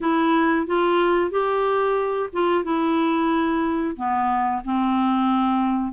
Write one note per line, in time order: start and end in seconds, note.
0.01 0.67 E4
0.67 1.30 F4
1.30 2.29 G4
2.32 2.64 F4
2.64 3.96 E4
3.96 4.62 B3
4.64 5.93 C4